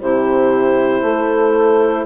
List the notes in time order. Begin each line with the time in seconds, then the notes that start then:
0.00 C3 E4 G4 C5
1.03 A3 A4